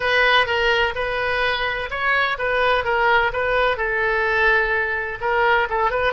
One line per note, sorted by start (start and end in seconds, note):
0.00 0.46 B4
0.46 0.93 A#4
0.95 1.89 B4
1.90 2.37 C#5
2.38 2.84 B4
2.84 3.31 A#4
3.32 3.77 B4
3.77 5.18 A4
5.20 5.68 A#4
5.69 5.90 A4
5.90 6.13 B4